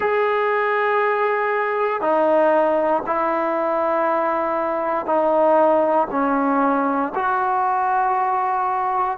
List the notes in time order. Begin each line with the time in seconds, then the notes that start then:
0.00 G#4
2.01 D#4
3.06 E4
5.06 D#4
6.11 C#4
7.14 F#4